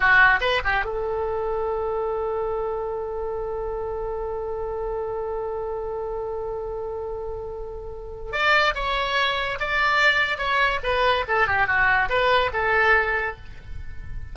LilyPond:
\new Staff \with { instrumentName = "oboe" } { \time 4/4 \tempo 4 = 144 fis'4 b'8 g'8 a'2~ | a'1~ | a'1~ | a'1~ |
a'1 | d''4 cis''2 d''4~ | d''4 cis''4 b'4 a'8 g'8 | fis'4 b'4 a'2 | }